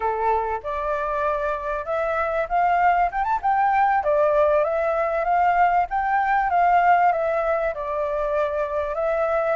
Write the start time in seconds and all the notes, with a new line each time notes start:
0.00 A4
0.63 D5
1.85 E5
2.49 F5
3.11 G5
3.24 A5
3.42 G5
4.03 D5
4.64 E5
5.24 F5
5.90 G5
6.49 F5
7.12 E5
7.74 D5
8.94 E5